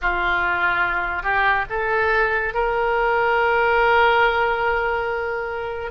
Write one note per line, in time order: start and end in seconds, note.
0.01 1.23 F4
1.23 1.65 G4
1.69 2.54 A4
2.54 5.91 A#4